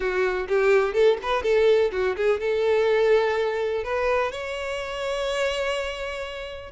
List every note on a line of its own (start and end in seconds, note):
0.00 0.47 F#4
0.48 0.93 G4
0.93 1.17 A4
1.22 1.43 B4
1.43 1.91 A4
1.92 2.16 F#4
2.16 2.40 G#4
2.40 3.84 A4
3.84 4.31 B4
4.31 6.71 C#5